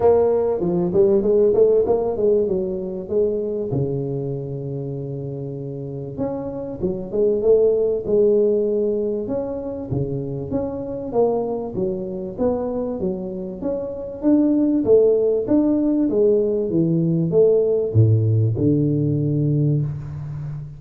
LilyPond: \new Staff \with { instrumentName = "tuba" } { \time 4/4 \tempo 4 = 97 ais4 f8 g8 gis8 a8 ais8 gis8 | fis4 gis4 cis2~ | cis2 cis'4 fis8 gis8 | a4 gis2 cis'4 |
cis4 cis'4 ais4 fis4 | b4 fis4 cis'4 d'4 | a4 d'4 gis4 e4 | a4 a,4 d2 | }